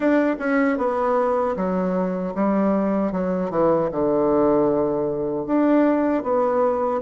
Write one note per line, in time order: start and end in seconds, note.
0.00 0.35 D4
0.39 0.77 C#4
0.77 1.55 B3
1.56 2.34 F#3
2.34 3.12 G3
3.12 3.50 F#3
3.50 3.89 E3
3.91 5.46 D3
5.46 6.23 D4
6.23 7.01 B3